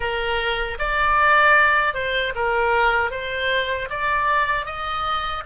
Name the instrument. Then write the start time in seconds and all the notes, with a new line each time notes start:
oboe
0.00 A#4
0.79 D5
1.94 C5
2.35 A#4
3.10 C5
3.90 D5
4.65 D#5